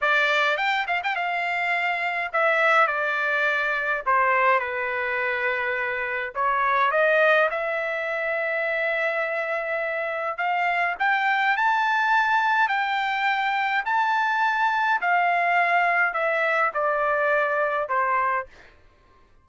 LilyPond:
\new Staff \with { instrumentName = "trumpet" } { \time 4/4 \tempo 4 = 104 d''4 g''8 f''16 g''16 f''2 | e''4 d''2 c''4 | b'2. cis''4 | dis''4 e''2.~ |
e''2 f''4 g''4 | a''2 g''2 | a''2 f''2 | e''4 d''2 c''4 | }